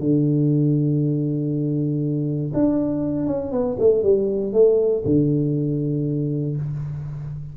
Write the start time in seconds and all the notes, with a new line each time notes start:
0.00 D3
2.54 D4
3.27 C#4
3.52 B3
3.80 A3
4.03 G3
4.53 A3
5.05 D3